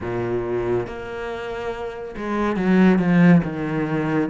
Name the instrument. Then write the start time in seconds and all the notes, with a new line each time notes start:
cello
0.00 A#2
0.86 A#3
2.17 G#3
2.56 F#3
2.98 F3
3.43 D#3